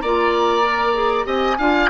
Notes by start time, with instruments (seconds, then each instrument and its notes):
0.00 bassoon A#3, clarinet F4, oboe D5, flute A#5
0.62 clarinet A#4
0.93 clarinet G#4
1.24 bassoon C4, clarinet G4, oboe D#5, flute G#5
1.58 bassoon D4, clarinet F4, oboe F5